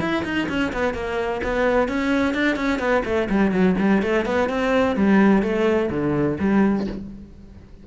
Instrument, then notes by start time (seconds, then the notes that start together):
cello
0.00 E4
0.24 D#4
0.49 C#4
0.73 B3
0.94 A#3
1.43 B3
1.88 C#4
2.34 D4
2.56 C#4
2.79 B3
3.05 A3
3.30 G3
3.52 F#3
3.79 G3
4.02 A3
4.26 B3
4.49 C4
4.96 G3
5.42 A3
5.90 D3
6.40 G3